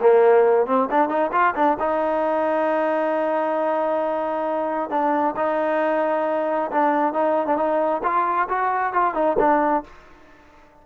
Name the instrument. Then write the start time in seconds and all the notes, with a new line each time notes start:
trombone
0.00 A#3
0.66 C4
0.90 D4
1.08 D#4
1.31 F4
1.55 D4
1.79 D#4
4.90 D4
5.36 D#4
6.71 D4
7.13 D#4
7.47 D4
7.56 D#4
8.03 F4
8.48 F#4
8.93 F4
9.14 D#4
9.38 D4